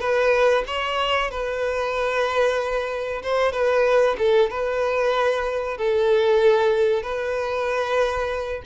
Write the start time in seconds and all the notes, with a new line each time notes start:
0.00 B4
0.67 C#5
1.31 B4
3.22 C5
3.52 B4
4.18 A4
4.50 B4
5.77 A4
7.03 B4